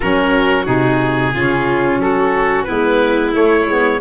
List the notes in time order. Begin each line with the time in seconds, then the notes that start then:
0.00 F#3 C#4 F#4 A#4
0.65 C3 D#4 G#4
1.33 C#3 C#4 F4
1.97 F#3 F#4 A4
2.63 B3 E4 B4
2.70 G#3
3.33 A3 C#5
3.66 G#3 B3